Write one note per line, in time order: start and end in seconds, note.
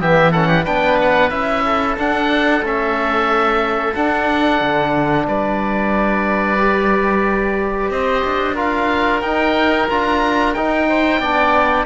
0.00 0.66 E3
0.00 0.33 B3
0.00 0.31 G4
0.00 0.32 E5
0.31 0.64 C#4
0.31 0.47 A4
0.31 0.65 F#5
0.47 0.63 G4
0.63 1.31 B3
0.63 1.30 D4
0.63 1.62 B4
0.63 0.98 G5
1.01 1.30 F#5
1.30 1.97 C#4
1.30 1.96 E4
1.30 1.96 E5
1.65 5.27 A4
1.97 2.63 D4
1.97 2.61 D4
1.97 2.65 F#5
2.61 3.93 A3
2.61 3.95 C#4
2.61 3.95 E5
3.95 6.58 D4
3.95 4.60 D4
3.95 5.27 F#5
4.60 5.26 D3
5.27 7.90 G3
5.27 7.91 B4
5.27 7.90 D5
6.58 8.55 G4
7.90 8.23 C4
7.90 8.55 C5
7.90 8.56 D#5
8.25 9.22 D4
8.55 9.21 F4
8.55 10.85 A#4
8.55 9.21 F5
9.21 9.87 D#4
9.21 9.88 D#4
9.21 9.87 G5
9.88 10.56 D4
9.88 10.54 F4
9.88 10.54 A#5
10.54 11.19 D#4
10.54 11.22 D#4
10.54 11.85 G5
10.88 11.20 C5
11.19 11.85 B3
11.19 11.86 D4
11.19 11.86 D5